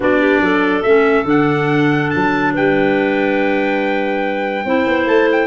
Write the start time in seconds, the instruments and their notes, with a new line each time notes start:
0.00 tuba B3, clarinet D4 F#4, trumpet D5
0.20 clarinet G4
0.41 tuba F#3, clarinet A4
0.82 tuba A3, clarinet C#4, trumpet E5
1.24 tuba D3, clarinet D4, trumpet F#5
2.10 tuba F#3, trumpet A5
2.53 tuba G3, clarinet B4, trumpet G5
4.64 tuba C4, clarinet E4 C5
4.86 tuba B3
5.05 tuba A3, trumpet A5
5.31 trumpet G5